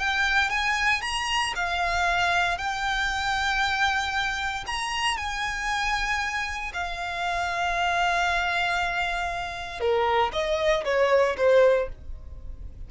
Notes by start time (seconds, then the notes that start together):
0.00 G5
0.50 G#5
1.02 A#5
1.56 F5
2.58 G5
4.67 A#5
5.17 G#5
6.74 F5
9.81 A#4
10.33 D#5
10.85 C#5
11.37 C5